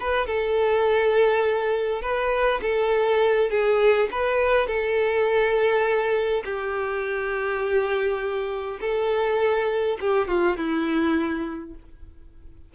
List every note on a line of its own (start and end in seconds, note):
0.00 0.26 B4
0.26 2.02 A4
2.02 2.60 B4
2.62 3.50 A4
3.50 4.09 G#4
4.11 4.67 B4
4.67 6.43 A4
6.44 8.79 G4
8.80 9.98 A4
10.00 10.28 G4
10.28 10.57 F4
10.57 11.74 E4